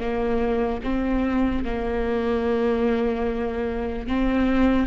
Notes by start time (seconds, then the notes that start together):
0.00 A#3
0.84 C4
1.65 A#3
4.08 C4